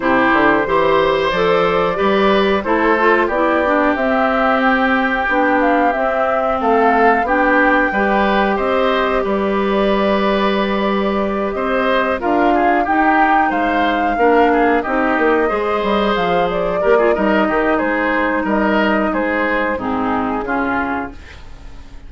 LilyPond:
<<
  \new Staff \with { instrumentName = "flute" } { \time 4/4 \tempo 4 = 91 c''2 d''2 | c''4 d''4 e''4 g''4~ | g''8 f''8 e''4 f''4 g''4~ | g''4 dis''4 d''2~ |
d''4. dis''4 f''4 g''8~ | g''8 f''2 dis''4.~ | dis''8 f''8 d''4 dis''4 c''4 | dis''4 c''4 gis'2 | }
  \new Staff \with { instrumentName = "oboe" } { \time 4/4 g'4 c''2 b'4 | a'4 g'2.~ | g'2 a'4 g'4 | b'4 c''4 b'2~ |
b'4. c''4 ais'8 gis'8 g'8~ | g'8 c''4 ais'8 gis'8 g'4 c''8~ | c''4. ais'16 gis'16 ais'8 g'8 gis'4 | ais'4 gis'4 dis'4 f'4 | }
  \new Staff \with { instrumentName = "clarinet" } { \time 4/4 e'4 g'4 a'4 g'4 | e'8 f'8 e'8 d'8 c'2 | d'4 c'2 d'4 | g'1~ |
g'2~ g'8 f'4 dis'8~ | dis'4. d'4 dis'4 gis'8~ | gis'4. g'16 f'16 dis'2~ | dis'2 c'4 cis'4 | }
  \new Staff \with { instrumentName = "bassoon" } { \time 4/4 c8 d8 e4 f4 g4 | a4 b4 c'2 | b4 c'4 a4 b4 | g4 c'4 g2~ |
g4. c'4 d'4 dis'8~ | dis'8 gis4 ais4 c'8 ais8 gis8 | g8 f4 ais8 g8 dis8 gis4 | g4 gis4 gis,4 cis4 | }
>>